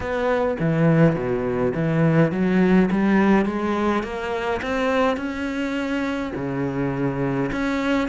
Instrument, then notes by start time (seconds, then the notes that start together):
cello
0.00 B3
0.59 E3
1.15 B2
1.74 E3
2.31 F#3
2.91 G3
3.45 G#3
4.03 A#3
4.62 C4
5.17 C#4
6.35 C#3
7.52 C#4